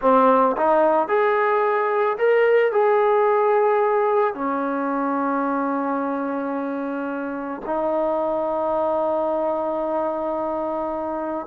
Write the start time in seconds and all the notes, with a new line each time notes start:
0.01 C4
0.57 D#4
1.08 G#4
2.18 A#4
2.71 G#4
4.34 C#4
7.65 D#4